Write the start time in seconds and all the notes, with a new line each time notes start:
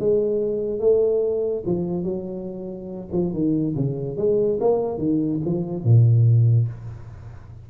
0.00 G#3
0.80 A3
1.66 F3
2.04 F#3
3.13 F3
3.34 D#3
3.76 C#3
4.17 G#3
4.61 A#3
4.99 D#3
5.45 F3
5.84 A#2